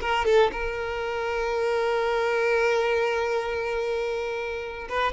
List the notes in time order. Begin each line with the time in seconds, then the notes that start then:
0.00 A#4
0.25 A4
0.52 A#4
4.89 B4